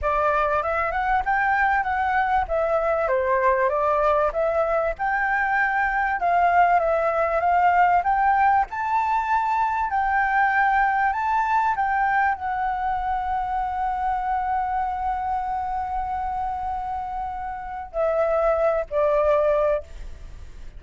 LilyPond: \new Staff \with { instrumentName = "flute" } { \time 4/4 \tempo 4 = 97 d''4 e''8 fis''8 g''4 fis''4 | e''4 c''4 d''4 e''4 | g''2 f''4 e''4 | f''4 g''4 a''2 |
g''2 a''4 g''4 | fis''1~ | fis''1~ | fis''4 e''4. d''4. | }